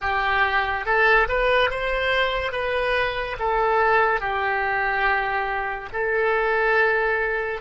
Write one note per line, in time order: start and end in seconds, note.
0.01 0.85 G4
0.85 1.27 A4
1.28 1.70 B4
1.70 2.52 C5
2.52 3.36 B4
3.39 4.20 A4
4.20 5.89 G4
5.92 7.61 A4